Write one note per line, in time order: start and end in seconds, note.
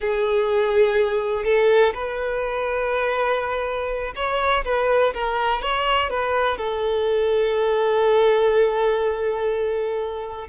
0.00 1.44 G#4
1.44 1.93 A4
1.94 4.13 B4
4.15 4.64 C#5
4.64 5.13 B4
5.14 5.62 A#4
5.62 6.10 C#5
6.10 6.57 B4
6.57 10.47 A4